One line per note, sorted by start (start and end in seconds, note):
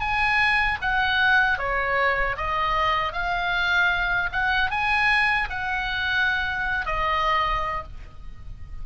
0.00 0.78 G#5
0.81 1.58 F#5
1.58 2.36 C#5
2.37 3.12 D#5
3.12 4.29 F5
4.32 4.71 F#5
4.71 5.49 G#5
5.49 6.86 F#5
6.86 7.83 D#5